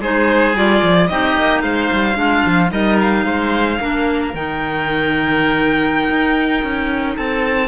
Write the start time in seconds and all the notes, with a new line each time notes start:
0.00 G#3 D#4 G#4 C5
0.54 G3 F4 D5
0.82 F3
1.07 C4 D#4 G4 D#5
1.36 A#3
1.61 G#3 C5 F5
1.92 G3
2.14 G#3 D4 F4
2.46 F3
2.70 G3 D#4 A#4 D#5
3.01 F5
3.25 G#3 C5
3.79 A#3 D4 A#4
4.34 D#3 D#4 G5
6.10 D#4
6.63 C#4
7.16 C4 A4 A5